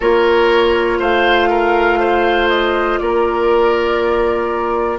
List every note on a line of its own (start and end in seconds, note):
0.00 0.99 A#3
0.00 4.98 F4
0.00 0.97 A#4
0.00 1.00 C#5
0.99 2.99 A3
0.99 1.49 C5
0.99 2.48 F5
1.49 1.99 A#4
1.99 2.99 C5
2.48 2.98 D#5
2.98 4.98 A#3
2.98 4.98 A#4
2.98 4.98 D5